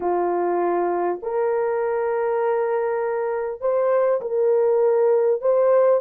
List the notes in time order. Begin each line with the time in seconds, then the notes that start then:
0.00 F4
1.22 A#4
3.60 C5
4.21 A#4
5.41 C5